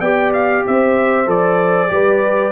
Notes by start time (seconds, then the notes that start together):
0.00 B3 G4 D5 G5
0.33 F5
0.66 C4 C5 E5
1.26 F3 A4 D5
1.88 G3 G4 B4